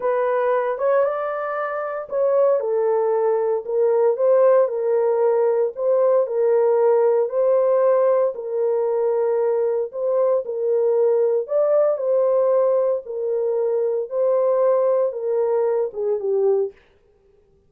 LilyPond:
\new Staff \with { instrumentName = "horn" } { \time 4/4 \tempo 4 = 115 b'4. cis''8 d''2 | cis''4 a'2 ais'4 | c''4 ais'2 c''4 | ais'2 c''2 |
ais'2. c''4 | ais'2 d''4 c''4~ | c''4 ais'2 c''4~ | c''4 ais'4. gis'8 g'4 | }